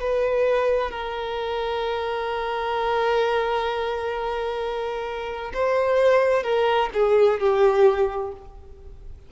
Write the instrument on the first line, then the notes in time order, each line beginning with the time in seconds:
violin
0.00 B4
0.91 A#4
5.54 C5
6.43 A#4
6.94 G#4
7.40 G4